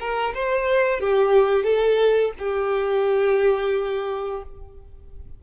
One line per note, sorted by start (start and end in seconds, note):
0.00 0.34 A#4
0.34 1.00 C5
1.00 1.64 G4
1.64 2.32 A4
2.39 4.43 G4